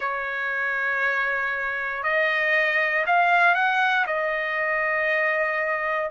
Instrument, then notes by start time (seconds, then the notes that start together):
trumpet
0.00 C#5
2.03 D#5
3.06 F5
3.55 F#5
4.07 D#5